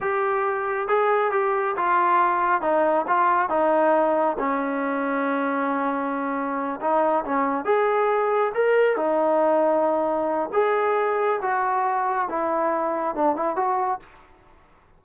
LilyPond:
\new Staff \with { instrumentName = "trombone" } { \time 4/4 \tempo 4 = 137 g'2 gis'4 g'4 | f'2 dis'4 f'4 | dis'2 cis'2~ | cis'2.~ cis'8 dis'8~ |
dis'8 cis'4 gis'2 ais'8~ | ais'8 dis'2.~ dis'8 | gis'2 fis'2 | e'2 d'8 e'8 fis'4 | }